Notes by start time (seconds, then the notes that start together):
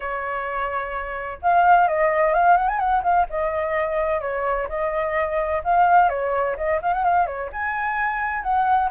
0.00 C#5
1.42 F5
1.87 D#5
2.33 F5
2.56 F#5
2.68 G#5
2.79 F#5
3.03 F5
3.29 D#5
4.20 C#5
4.68 D#5
5.64 F5
6.09 C#5
6.56 D#5
6.82 F5
6.93 F#5
7.03 F5
7.26 C#5
7.52 G#5
8.42 F#5